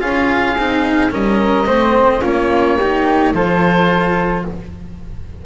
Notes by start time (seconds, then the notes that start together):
0.00 C#4 F4 G#4 F5
0.57 C4 D#4
1.11 G3 C#4 A#4 D#5
1.66 A3 C4 C5
2.21 A#3 C#4 F4 C#5
2.78 D#4 G4
3.34 F3 F4 A4 C5